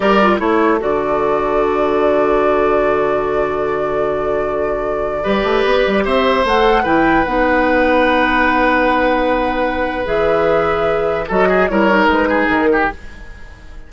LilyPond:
<<
  \new Staff \with { instrumentName = "flute" } { \time 4/4 \tempo 4 = 149 d''4 cis''4 d''2~ | d''1~ | d''1~ | d''2. e''4 |
fis''4 g''4 fis''2~ | fis''1~ | fis''4 e''2. | dis''4 cis''4 b'4 ais'4 | }
  \new Staff \with { instrumentName = "oboe" } { \time 4/4 ais'4 a'2.~ | a'1~ | a'1~ | a'4 b'2 c''4~ |
c''4 b'2.~ | b'1~ | b'1 | a'8 gis'8 ais'4. gis'4 g'8 | }
  \new Staff \with { instrumentName = "clarinet" } { \time 4/4 g'8 f'8 e'4 fis'2~ | fis'1~ | fis'1~ | fis'4 g'2. |
a'4 e'4 dis'2~ | dis'1~ | dis'4 gis'2. | fis'4 e'8 dis'2~ dis'8 | }
  \new Staff \with { instrumentName = "bassoon" } { \time 4/4 g4 a4 d2~ | d1~ | d1~ | d4 g8 a8 b8 g8 c'4 |
a4 e4 b2~ | b1~ | b4 e2. | fis4 g4 gis4 dis4 | }
>>